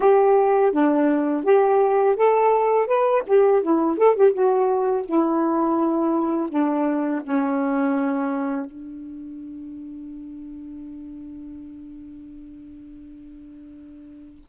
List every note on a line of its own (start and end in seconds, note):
0.00 0.72 G4
0.72 1.44 D4
1.44 2.16 G4
2.16 2.87 A4
2.87 3.23 B4
3.26 3.62 G4
3.62 3.97 E4
3.97 4.15 A4
4.15 4.33 G4
4.33 5.05 F#4
5.05 6.49 E4
6.49 7.22 D4
7.23 8.65 C#4
8.65 14.43 D4